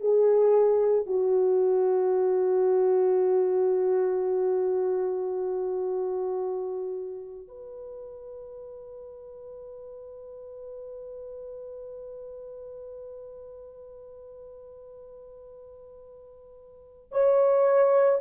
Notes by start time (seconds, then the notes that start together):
0.00 G#4
1.06 F#4
7.48 B4
17.12 C#5